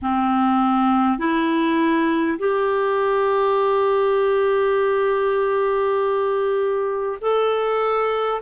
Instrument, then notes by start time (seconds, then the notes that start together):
clarinet
0.02 C4
1.18 E4
2.38 G4
7.21 A4